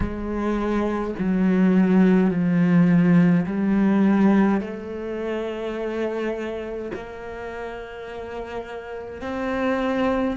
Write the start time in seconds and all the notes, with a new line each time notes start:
0.00 G#3
1.19 F#3
2.30 F3
3.46 G3
4.60 A3
6.94 A#3
9.21 C4